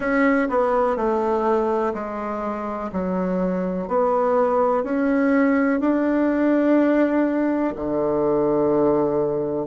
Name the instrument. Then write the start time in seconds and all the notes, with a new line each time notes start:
bassoon
0.00 C#4
0.49 B3
0.96 A3
1.94 G#3
2.92 F#3
3.88 B3
4.83 C#4
5.80 D4
7.76 D3